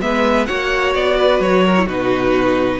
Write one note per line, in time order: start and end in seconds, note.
0.00 0.48 G#3
0.00 0.46 B3
0.00 0.47 B4
0.00 0.46 E5
0.46 0.95 A#3
0.46 1.75 F#4
0.46 1.17 C#5
0.46 0.93 F#5
0.94 1.40 B3
0.94 1.41 D5
1.17 1.64 B4
1.40 1.86 F#3
1.40 1.88 C#5
1.64 1.86 A#4
1.77 1.87 E4
1.86 2.79 B2
1.86 2.79 D#4
1.86 2.79 F#4
1.86 2.79 B4